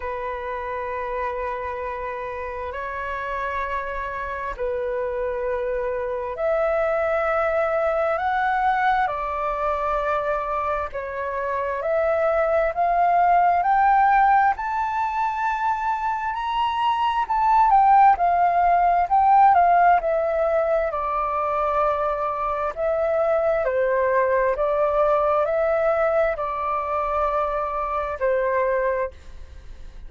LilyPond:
\new Staff \with { instrumentName = "flute" } { \time 4/4 \tempo 4 = 66 b'2. cis''4~ | cis''4 b'2 e''4~ | e''4 fis''4 d''2 | cis''4 e''4 f''4 g''4 |
a''2 ais''4 a''8 g''8 | f''4 g''8 f''8 e''4 d''4~ | d''4 e''4 c''4 d''4 | e''4 d''2 c''4 | }